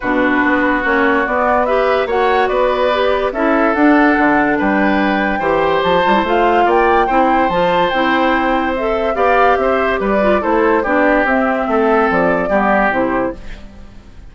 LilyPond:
<<
  \new Staff \with { instrumentName = "flute" } { \time 4/4 \tempo 4 = 144 b'2 cis''4 d''4 | e''4 fis''4 d''2 | e''4 fis''2 g''4~ | g''2 a''4 f''4 |
g''2 a''4 g''4~ | g''4 e''4 f''4 e''4 | d''4 c''4 d''4 e''4~ | e''4 d''2 c''4 | }
  \new Staff \with { instrumentName = "oboe" } { \time 4/4 fis'1 | b'4 cis''4 b'2 | a'2. b'4~ | b'4 c''2. |
d''4 c''2.~ | c''2 d''4 c''4 | b'4 a'4 g'2 | a'2 g'2 | }
  \new Staff \with { instrumentName = "clarinet" } { \time 4/4 d'2 cis'4 b4 | g'4 fis'2 g'4 | e'4 d'2.~ | d'4 g'4. f'16 e'16 f'4~ |
f'4 e'4 f'4 e'4~ | e'4 a'4 g'2~ | g'8 f'8 e'4 d'4 c'4~ | c'2 b4 e'4 | }
  \new Staff \with { instrumentName = "bassoon" } { \time 4/4 b,4 b4 ais4 b4~ | b4 ais4 b2 | cis'4 d'4 d4 g4~ | g4 e4 f8 g8 a4 |
ais4 c'4 f4 c'4~ | c'2 b4 c'4 | g4 a4 b4 c'4 | a4 f4 g4 c4 | }
>>